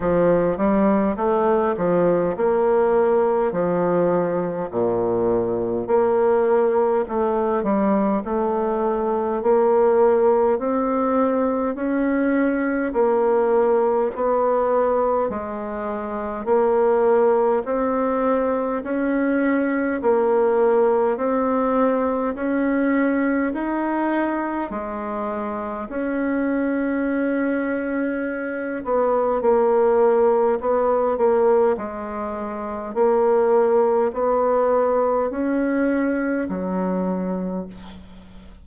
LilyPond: \new Staff \with { instrumentName = "bassoon" } { \time 4/4 \tempo 4 = 51 f8 g8 a8 f8 ais4 f4 | ais,4 ais4 a8 g8 a4 | ais4 c'4 cis'4 ais4 | b4 gis4 ais4 c'4 |
cis'4 ais4 c'4 cis'4 | dis'4 gis4 cis'2~ | cis'8 b8 ais4 b8 ais8 gis4 | ais4 b4 cis'4 fis4 | }